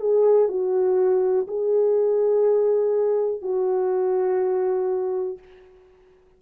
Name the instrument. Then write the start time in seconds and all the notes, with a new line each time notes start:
horn
0.00 G#4
0.48 F#4
1.47 G#4
3.41 F#4